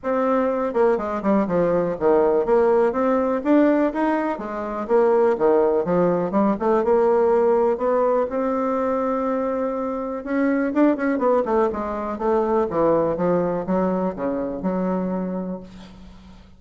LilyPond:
\new Staff \with { instrumentName = "bassoon" } { \time 4/4 \tempo 4 = 123 c'4. ais8 gis8 g8 f4 | dis4 ais4 c'4 d'4 | dis'4 gis4 ais4 dis4 | f4 g8 a8 ais2 |
b4 c'2.~ | c'4 cis'4 d'8 cis'8 b8 a8 | gis4 a4 e4 f4 | fis4 cis4 fis2 | }